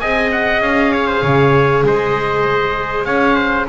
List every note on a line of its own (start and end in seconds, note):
0.00 0.61 C4
0.00 3.68 G#4
0.00 0.93 D#5
0.00 0.31 G#5
0.32 0.62 F#5
0.61 1.22 C#4
0.61 1.85 F5
0.93 1.07 C#5
1.07 1.22 C5
1.22 1.84 C#3
1.22 1.83 C#5
1.84 3.06 G#3
1.84 3.06 C5
1.84 3.05 D#5
3.05 3.67 C#4
3.05 3.36 C#5
3.05 3.66 F5
3.36 3.66 C5